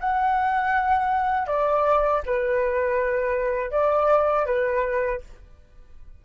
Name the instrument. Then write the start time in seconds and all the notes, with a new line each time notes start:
flute
0.00 F#5
1.46 D5
2.25 B4
3.71 D5
4.46 B4